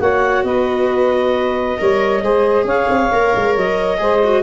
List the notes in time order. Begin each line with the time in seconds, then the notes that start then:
0.00 A#3 F#4 C#5 F#5
0.44 B3 B4 D#5
1.78 G3 A#4 C#5
2.23 G#3 G#4 C5
2.65 C#4 C#5 F5
2.89 C4
3.12 A#3 A#4
3.36 G#3
3.57 F#3 D#5
3.98 G#3 G#4 C5
4.25 F#4